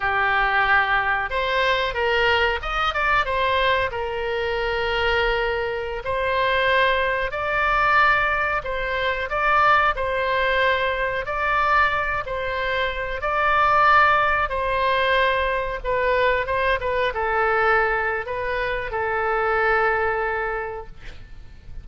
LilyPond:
\new Staff \with { instrumentName = "oboe" } { \time 4/4 \tempo 4 = 92 g'2 c''4 ais'4 | dis''8 d''8 c''4 ais'2~ | ais'4~ ais'16 c''2 d''8.~ | d''4~ d''16 c''4 d''4 c''8.~ |
c''4~ c''16 d''4. c''4~ c''16~ | c''16 d''2 c''4.~ c''16~ | c''16 b'4 c''8 b'8 a'4.~ a'16 | b'4 a'2. | }